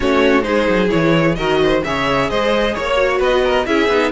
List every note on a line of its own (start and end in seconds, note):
0.00 0.44 A3
0.00 0.42 C#4
0.00 0.45 F#4
0.00 0.42 C#5
0.42 0.67 G#3
0.42 0.88 D#4
0.42 1.36 G#4
0.42 0.88 C5
0.68 0.91 F#3
0.88 1.37 E3
0.88 1.34 E4
0.88 1.35 C#5
1.35 1.82 D#3
1.35 1.83 F#4
1.35 1.60 A#4
1.35 1.80 D#5
1.62 1.85 C5
1.84 2.30 C#3
1.84 2.96 G#4
1.84 2.30 C#5
1.84 2.30 E5
2.30 2.76 G#3
2.30 2.74 C5
2.30 2.75 D#5
2.74 3.20 A#3
2.74 3.18 C#5
2.74 3.21 C#5
2.96 3.65 F#4
3.18 3.66 B3
3.18 3.41 B4
3.18 3.66 D#5
3.43 3.66 A#4
3.66 3.88 C#4
3.66 3.89 E4
3.66 4.11 G#4
3.66 4.11 E5
3.88 4.11 B3
3.88 4.11 D#4